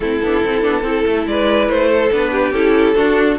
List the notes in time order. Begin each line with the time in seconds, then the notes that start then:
0.00 A3 C4 E4 A4
0.22 B3 D4
0.44 C4 E4
0.61 B3 D4
0.83 C4 E4 A4
1.06 A3
1.26 G#3 B4 D5
1.68 A3 C5
1.88 A4
2.11 B3 D4 B4
2.31 G4
2.51 C#4 E4 A4
2.95 D4 F#4